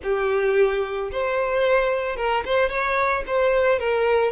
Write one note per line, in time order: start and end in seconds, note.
0.03 1.11 G4
1.11 2.16 C5
2.16 2.43 A#4
2.45 2.69 C5
2.69 3.23 C#5
3.27 3.79 C5
3.79 4.31 A#4